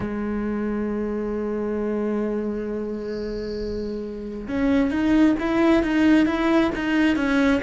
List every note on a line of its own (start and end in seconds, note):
0.00 4.47 G#3
4.48 4.91 C#4
4.91 5.35 D#4
5.39 5.82 E4
5.82 6.26 D#4
6.26 6.70 E4
6.75 7.16 D#4
7.16 7.60 C#4